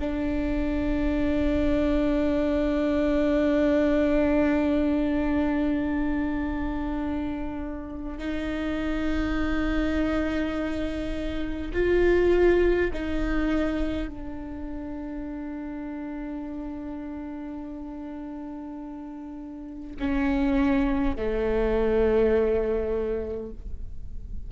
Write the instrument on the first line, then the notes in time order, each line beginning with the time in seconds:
viola
0.00 D4
8.18 D#4
11.73 F4
12.93 D#4
14.08 D4
19.99 C#4
21.16 A3